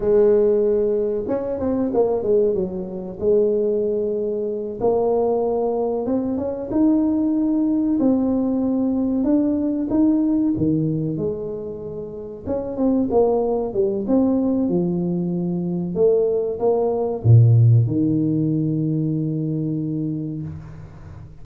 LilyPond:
\new Staff \with { instrumentName = "tuba" } { \time 4/4 \tempo 4 = 94 gis2 cis'8 c'8 ais8 gis8 | fis4 gis2~ gis8 ais8~ | ais4. c'8 cis'8 dis'4.~ | dis'8 c'2 d'4 dis'8~ |
dis'8 dis4 gis2 cis'8 | c'8 ais4 g8 c'4 f4~ | f4 a4 ais4 ais,4 | dis1 | }